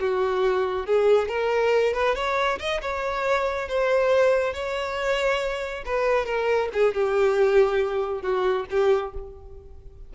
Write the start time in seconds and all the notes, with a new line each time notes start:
0.00 F#4
0.86 G#4
1.28 A#4
1.94 B4
2.15 C#5
2.59 D#5
2.82 C#5
3.68 C5
4.53 C#5
5.86 B4
6.25 A#4
6.73 G#4
6.94 G4
8.22 F#4
8.70 G4